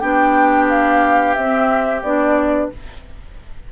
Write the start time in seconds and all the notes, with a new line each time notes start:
0.00 B3 D4 G4 G5
0.69 F5
1.34 C4 E5
2.03 B3 D4 D5